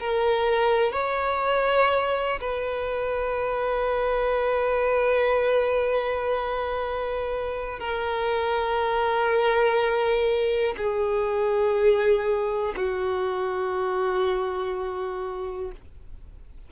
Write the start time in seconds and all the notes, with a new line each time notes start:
0.00 A#4
0.92 C#5
2.41 B4
7.79 A#4
10.77 G#4
12.76 F#4